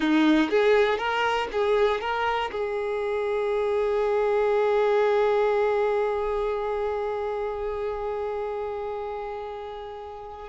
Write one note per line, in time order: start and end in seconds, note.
0.00 0.50 D#4
0.50 0.97 G#4
0.97 1.47 A#4
1.52 2.00 G#4
2.00 2.50 A#4
2.51 10.48 G#4